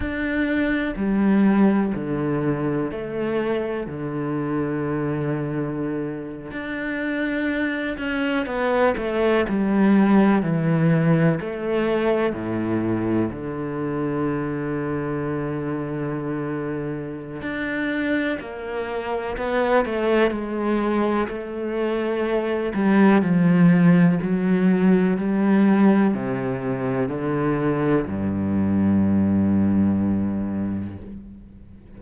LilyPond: \new Staff \with { instrumentName = "cello" } { \time 4/4 \tempo 4 = 62 d'4 g4 d4 a4 | d2~ d8. d'4~ d'16~ | d'16 cis'8 b8 a8 g4 e4 a16~ | a8. a,4 d2~ d16~ |
d2 d'4 ais4 | b8 a8 gis4 a4. g8 | f4 fis4 g4 c4 | d4 g,2. | }